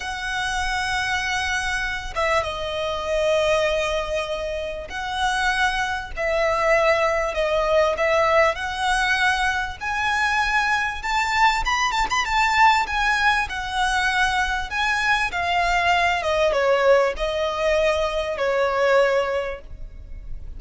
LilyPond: \new Staff \with { instrumentName = "violin" } { \time 4/4 \tempo 4 = 98 fis''2.~ fis''8 e''8 | dis''1 | fis''2 e''2 | dis''4 e''4 fis''2 |
gis''2 a''4 b''8 a''16 b''16 | a''4 gis''4 fis''2 | gis''4 f''4. dis''8 cis''4 | dis''2 cis''2 | }